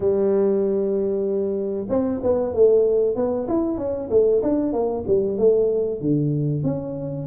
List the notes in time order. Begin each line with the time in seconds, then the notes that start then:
0.00 G3
1.89 C4
2.22 B3
2.53 A3
3.15 B3
3.48 E4
3.77 C#4
4.09 A3
4.42 D4
4.72 A#3
5.07 G3
5.38 A3
6.00 D3
6.63 C#4